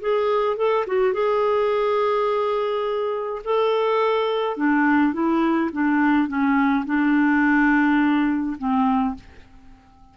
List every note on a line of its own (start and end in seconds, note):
0.00 0.56 G#4
0.56 0.85 A4
0.87 1.13 F#4
1.13 3.42 G#4
3.44 4.57 A4
4.57 5.13 D4
5.13 5.70 E4
5.72 6.28 D4
6.28 6.85 C#4
6.85 8.57 D4
8.58 9.15 C4